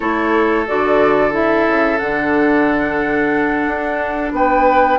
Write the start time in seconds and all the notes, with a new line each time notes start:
0.00 A3 E4 A4 C#5
0.67 D3 F#4 D5
1.31 E4 E5
1.66 C#3
1.98 D3 D4 F#5
3.66 D4
4.31 B3 B4 G5